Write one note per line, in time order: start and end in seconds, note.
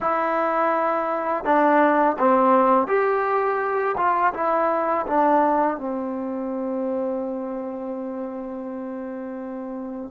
0.00 1.44 E4
1.44 2.17 D4
2.18 2.87 C4
2.87 3.95 G4
3.97 4.33 F4
4.33 5.05 E4
5.06 5.77 D4
5.77 10.10 C4